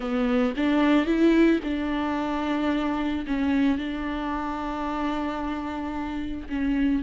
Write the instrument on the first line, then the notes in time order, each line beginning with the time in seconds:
viola
0.00 B3
0.56 D4
1.05 E4
1.63 D4
3.26 C#4
3.77 D4
6.49 C#4